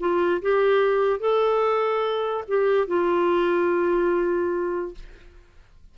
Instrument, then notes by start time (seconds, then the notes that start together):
clarinet
0.00 F4
0.42 G4
1.20 A4
2.48 G4
2.88 F4